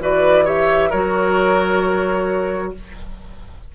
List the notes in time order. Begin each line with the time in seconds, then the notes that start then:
0.00 E3 F#4 B4 D5
0.45 G4 C#5 E5
0.90 F#3 F#4 A#4 C#5